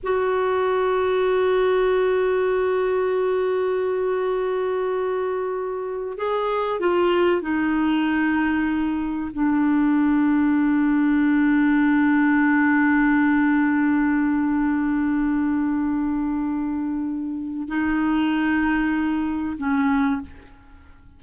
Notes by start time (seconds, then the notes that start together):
0.03 F#4
6.17 G#4
6.80 F4
7.41 D#4
9.33 D4
17.68 D#4
19.58 C#4